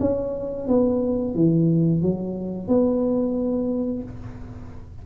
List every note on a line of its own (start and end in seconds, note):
0.00 0.67 C#4
0.67 1.35 B3
1.35 2.02 E3
2.02 2.68 F#3
2.68 4.03 B3